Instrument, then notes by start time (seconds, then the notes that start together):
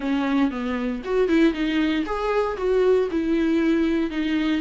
viola
0.00 C#4
0.50 B3
1.04 F#4
1.28 E4
1.53 D#4
2.05 G#4
2.57 F#4
3.11 E4
4.10 D#4